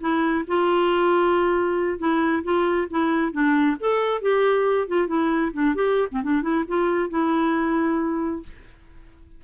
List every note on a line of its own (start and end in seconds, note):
0.00 0.44 E4
0.47 1.98 F4
1.98 2.43 E4
2.43 2.87 F4
2.90 3.32 E4
3.32 3.76 D4
3.79 4.21 A4
4.21 4.87 G4
4.87 5.07 F4
5.07 5.52 E4
5.53 5.74 D4
5.74 6.08 G4
6.11 6.22 C4
6.23 6.42 D4
6.42 6.64 E4
6.68 7.09 F4
7.09 8.43 E4